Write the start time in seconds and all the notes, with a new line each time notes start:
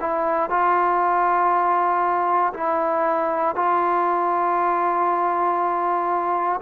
0.00 E4
0.50 F4
2.54 E4
3.55 F4